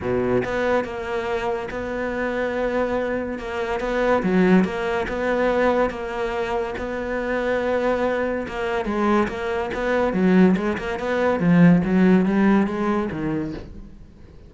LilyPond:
\new Staff \with { instrumentName = "cello" } { \time 4/4 \tempo 4 = 142 b,4 b4 ais2 | b1 | ais4 b4 fis4 ais4 | b2 ais2 |
b1 | ais4 gis4 ais4 b4 | fis4 gis8 ais8 b4 f4 | fis4 g4 gis4 dis4 | }